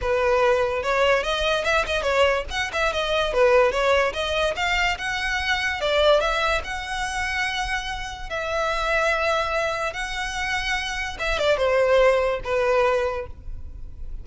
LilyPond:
\new Staff \with { instrumentName = "violin" } { \time 4/4 \tempo 4 = 145 b'2 cis''4 dis''4 | e''8 dis''8 cis''4 fis''8 e''8 dis''4 | b'4 cis''4 dis''4 f''4 | fis''2 d''4 e''4 |
fis''1 | e''1 | fis''2. e''8 d''8 | c''2 b'2 | }